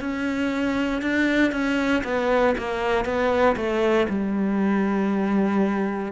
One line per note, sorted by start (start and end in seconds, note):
0.00 1.01 C#4
1.01 1.51 D4
1.51 2.02 C#4
2.04 2.55 B3
2.57 3.05 A#3
3.05 3.55 B3
3.56 4.07 A3
4.09 6.12 G3